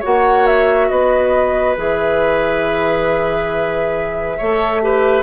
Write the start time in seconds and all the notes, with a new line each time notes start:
0.00 A#3 F#4 C#5 F#5
0.47 E5
0.89 B3 B4 D#5
1.77 E3 G#4 E5
4.38 A3 A4 C#5
4.83 G4 B4